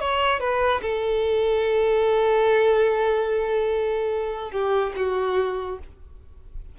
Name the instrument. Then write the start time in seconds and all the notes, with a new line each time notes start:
violin
0.00 C#5
0.40 B4
0.82 A4
4.51 G4
4.96 F#4